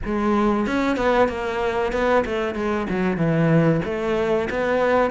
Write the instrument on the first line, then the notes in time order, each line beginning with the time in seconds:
cello
0.05 G#3
0.66 C#4
0.97 B3
1.28 A#3
1.92 B3
2.25 A3
2.54 G#3
2.89 F#3
3.17 E3
3.84 A3
4.50 B3